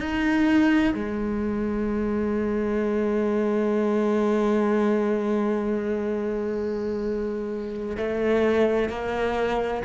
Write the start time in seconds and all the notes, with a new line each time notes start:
0.00 D#4
0.94 G#3
7.97 A3
8.89 A#3